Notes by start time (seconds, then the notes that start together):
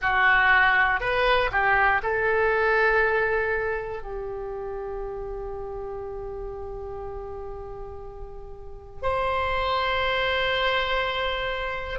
0.01 F#4
1.00 B4
1.51 G4
2.02 A4
4.02 G4
9.02 C5